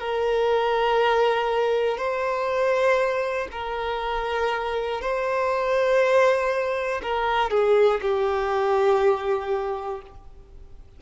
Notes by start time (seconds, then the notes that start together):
0.00 A#4
1.98 C5
3.52 A#4
5.01 C5
7.03 A#4
7.51 G#4
8.02 G4